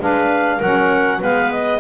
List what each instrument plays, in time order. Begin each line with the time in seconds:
0.00 double bass G#3, saxophone D4, clarinet B4 F5
0.57 double bass F#3, clarinet A#4 F#5
0.64 saxophone C#4
1.19 double bass G#3, saxophone B3, clarinet B4 F5
1.52 clarinet D#5